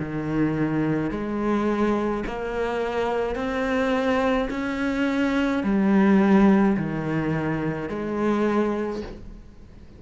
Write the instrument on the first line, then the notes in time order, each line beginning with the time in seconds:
cello
0.00 D#3
1.11 G#3
2.26 A#3
3.36 C4
4.51 C#4
5.64 G3
6.78 D#3
7.89 G#3